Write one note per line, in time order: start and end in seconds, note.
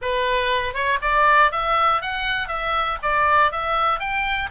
0.01 0.74 B4
0.74 0.99 C#5
1.01 1.51 D5
1.51 2.01 E5
2.01 2.48 F#5
2.48 2.98 E5
3.02 3.51 D5
3.51 3.99 E5
3.99 4.49 G5